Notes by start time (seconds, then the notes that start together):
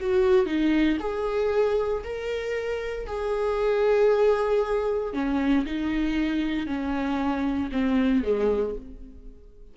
0.00 F#4
0.46 D#4
0.99 G#4
2.03 A#4
3.06 G#4
5.13 C#4
5.65 D#4
6.66 C#4
7.71 C4
8.23 G#3